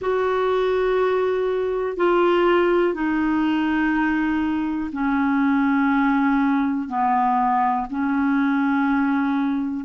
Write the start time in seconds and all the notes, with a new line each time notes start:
0.01 F#4
1.96 F4
2.94 D#4
4.92 C#4
6.88 B3
7.90 C#4